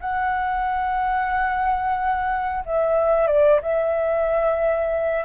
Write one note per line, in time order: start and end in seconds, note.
0.00 2.64 F#5
2.65 3.27 E5
3.27 3.60 D5
3.62 5.25 E5